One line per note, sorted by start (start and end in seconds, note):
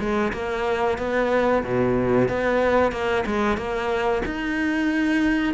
0.00 0.33 G#3
0.33 0.98 A#3
0.98 1.64 B3
1.64 2.29 B2
2.29 2.92 B3
2.92 3.25 A#3
3.26 3.58 G#3
3.58 4.23 A#3
4.26 5.54 D#4